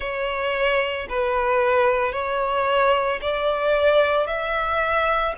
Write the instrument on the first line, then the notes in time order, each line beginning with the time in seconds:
violin
0.00 C#5
1.09 B4
2.12 C#5
3.21 D5
4.26 E5